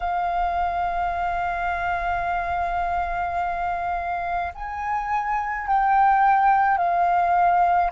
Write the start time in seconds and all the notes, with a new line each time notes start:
0.00 F5
4.54 G#5
5.67 G5
6.77 F5